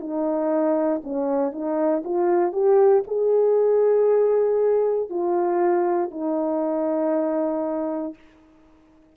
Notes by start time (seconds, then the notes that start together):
0.00 D#4
1.04 C#4
1.53 D#4
2.05 F4
2.53 G4
3.07 G#4
5.10 F4
6.11 D#4